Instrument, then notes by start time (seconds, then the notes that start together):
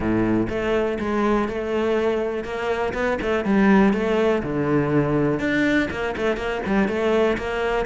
cello
0.00 A2
0.49 A3
0.99 G#3
1.48 A3
2.43 A#3
2.93 B3
3.21 A3
3.44 G3
3.93 A3
4.43 D3
5.39 D4
5.90 A#3
6.17 A3
6.36 A#3
6.65 G3
6.88 A3
7.37 A#3